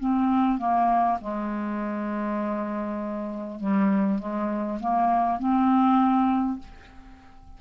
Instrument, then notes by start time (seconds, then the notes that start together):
clarinet
0.00 C4
0.58 A#3
1.21 G#3
3.60 G3
4.19 G#3
4.80 A#3
5.39 C4